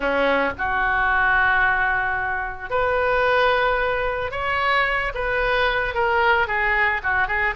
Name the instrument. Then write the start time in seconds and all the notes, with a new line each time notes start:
oboe
0.00 C#4
0.57 F#4
2.70 B4
4.31 C#5
5.14 B4
5.94 A#4
6.47 G#4
7.03 F#4
7.27 G#4